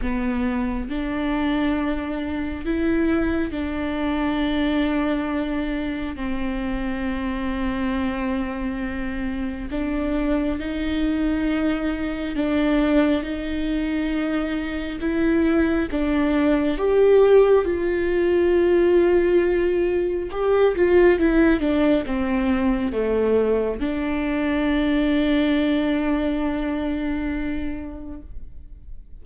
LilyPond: \new Staff \with { instrumentName = "viola" } { \time 4/4 \tempo 4 = 68 b4 d'2 e'4 | d'2. c'4~ | c'2. d'4 | dis'2 d'4 dis'4~ |
dis'4 e'4 d'4 g'4 | f'2. g'8 f'8 | e'8 d'8 c'4 a4 d'4~ | d'1 | }